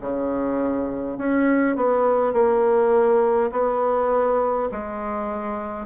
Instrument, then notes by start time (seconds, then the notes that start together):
bassoon
0.00 C#3
1.18 C#4
1.76 B3
2.33 A#3
3.51 B3
4.72 G#3